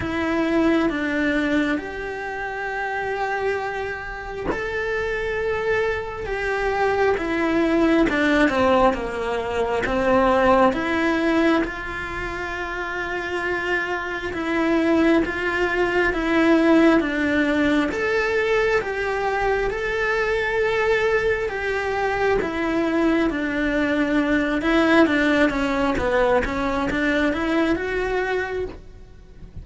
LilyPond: \new Staff \with { instrumentName = "cello" } { \time 4/4 \tempo 4 = 67 e'4 d'4 g'2~ | g'4 a'2 g'4 | e'4 d'8 c'8 ais4 c'4 | e'4 f'2. |
e'4 f'4 e'4 d'4 | a'4 g'4 a'2 | g'4 e'4 d'4. e'8 | d'8 cis'8 b8 cis'8 d'8 e'8 fis'4 | }